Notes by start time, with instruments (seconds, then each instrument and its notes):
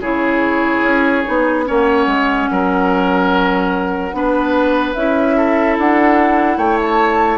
0.00 bassoon C#3, clarinet E4, oboe G#4, flute C#5
0.83 bassoon C#4
1.24 bassoon B3, clarinet D#4
1.65 bassoon A#3, clarinet C#4, oboe C#5, flute F#5
2.07 bassoon G#3
2.51 bassoon F#3, oboe A#4
4.13 bassoon B3, clarinet D4, oboe B4
4.94 bassoon C#4, clarinet E4, flute E5
5.37 oboe A4
5.78 bassoon D4, flute F#5
6.57 bassoon A3, oboe C#5, flute G5
6.81 flute A5